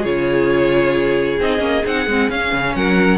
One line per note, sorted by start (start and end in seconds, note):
0.00 1.40 C#3
0.00 1.38 F4
0.00 2.71 G#4
0.00 1.40 C#5
1.40 1.59 C4
1.40 1.59 D#4
1.40 1.85 D#5
1.59 1.81 A#3
1.59 1.81 C#4
1.85 2.06 C4
1.85 2.08 D#4
1.85 2.30 F#5
2.06 2.29 G#3
2.06 2.31 C4
2.30 2.52 C#4
2.30 3.18 C#4
2.30 2.75 F5
2.52 2.75 C#3
2.75 3.18 F#3
2.75 3.18 A#4
2.75 3.18 F#5